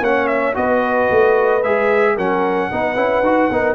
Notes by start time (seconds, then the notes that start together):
0.00 A#3 C#4 C#5 F#5
0.27 E5
0.54 B3 F#4 B4 D#5
1.10 A3
1.63 G#3 G#4 E5
2.15 F#3 C#4 A#4 F#5
2.71 B3 D#4 B4
2.96 C#4 E4
3.21 D#4 F#4
3.50 B3 D#4 A#4